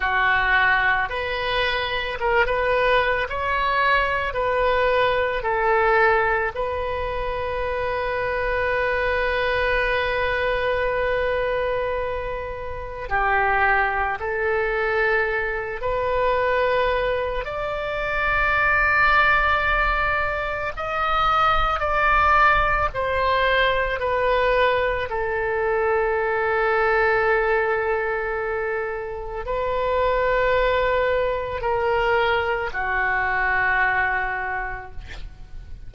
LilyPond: \new Staff \with { instrumentName = "oboe" } { \time 4/4 \tempo 4 = 55 fis'4 b'4 ais'16 b'8. cis''4 | b'4 a'4 b'2~ | b'1 | g'4 a'4. b'4. |
d''2. dis''4 | d''4 c''4 b'4 a'4~ | a'2. b'4~ | b'4 ais'4 fis'2 | }